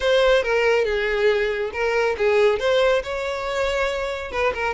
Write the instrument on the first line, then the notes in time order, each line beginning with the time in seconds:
violin
0.00 C5
0.42 A#4
0.84 G#4
1.72 A#4
2.17 G#4
2.59 C5
3.03 C#5
4.31 B4
4.53 A#4